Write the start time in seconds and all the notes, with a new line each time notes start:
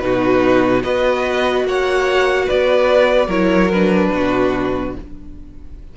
0.00 B2 D#4 F#4 B4
0.81 B3 F#4 B4 D#5
1.64 A#3 C#5 F#5
2.45 B3 B4 D5
3.27 F#3 E4 A#4 C#5
3.71 D4 B4
4.13 B2 F#4